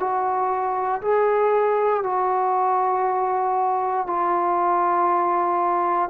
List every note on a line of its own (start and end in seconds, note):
0.00 1.02 F#4
1.02 2.03 G#4
2.03 4.07 F#4
4.07 6.10 F4